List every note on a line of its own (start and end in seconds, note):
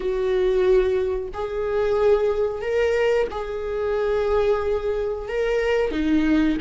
0.00 1.29 F#4
1.33 2.61 G#4
2.61 3.27 A#4
3.30 5.28 G#4
5.28 5.91 A#4
5.91 6.57 D#4